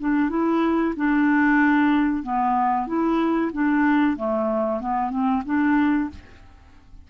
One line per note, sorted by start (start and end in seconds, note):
0.00 0.30 D4
0.30 0.94 E4
0.96 2.23 D4
2.23 2.87 B3
2.87 3.52 E4
3.52 4.16 D4
4.16 4.80 A3
4.80 5.10 B3
5.10 5.43 C4
5.45 6.10 D4